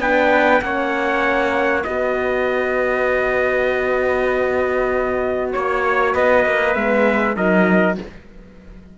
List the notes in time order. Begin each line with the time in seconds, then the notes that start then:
0.00 B3 D4 B4 G5
0.62 A#3 C#4 C#5 F#5
1.84 B3 F#4 B4 D#5
5.52 A#3 C#5
6.14 B3 B4 D#5
6.46 A#3
6.74 G#3 B3 E5
7.36 F#3 D#4 A#4 D#5